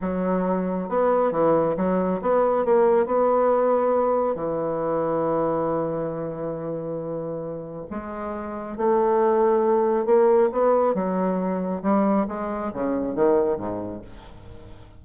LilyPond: \new Staff \with { instrumentName = "bassoon" } { \time 4/4 \tempo 4 = 137 fis2 b4 e4 | fis4 b4 ais4 b4~ | b2 e2~ | e1~ |
e2 gis2 | a2. ais4 | b4 fis2 g4 | gis4 cis4 dis4 gis,4 | }